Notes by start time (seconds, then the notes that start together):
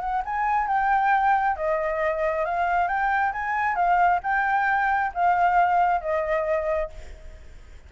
0.00 F#5
0.25 G#5
0.67 G5
1.56 D#5
2.45 F5
2.87 G5
3.32 G#5
3.75 F5
4.23 G5
5.14 F5
6.00 D#5